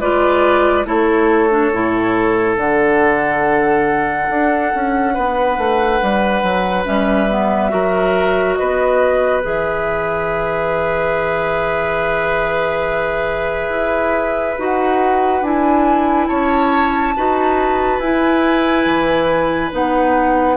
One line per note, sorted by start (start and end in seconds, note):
0.00 0.85 G#3
0.00 0.85 F4
0.00 0.86 B4
0.00 0.86 D5
0.85 1.71 A3
0.85 1.49 E4
0.85 5.14 A4
0.85 2.55 C#5
1.49 1.71 D4
1.72 2.57 A2
1.72 2.56 E4
2.55 4.28 D3
2.55 6.85 D4
2.55 6.84 F#5
4.29 4.72 D4
4.74 5.17 C#4
5.14 5.57 B3
5.14 7.71 B4
5.57 6.00 A3
6.01 6.42 G3
6.42 6.85 F#3
6.85 7.73 G3
6.85 7.28 C#4
6.85 8.54 E5
7.30 7.70 B3
7.70 8.58 F#3
7.70 9.41 F#4
7.70 8.58 A#4
8.54 9.44 B3
8.54 16.28 B4
8.54 9.40 D#5
9.42 13.69 E3
9.42 14.57 G#4
9.42 14.59 E5
13.69 14.55 E4
14.58 15.41 D#4
14.58 15.43 F#4
14.58 15.43 F#5
15.41 16.27 D4
15.41 17.15 E4
15.41 16.28 G#5
16.28 17.16 C#4
16.28 17.14 C#5
16.28 17.99 A5
17.16 17.99 D#4
17.16 18.02 F#4
17.16 20.57 B4
17.99 18.84 E4
17.99 19.71 E4
17.99 19.71 G#5
18.85 19.71 E3
19.71 20.57 B3
19.71 20.57 D#4
19.71 20.57 F#5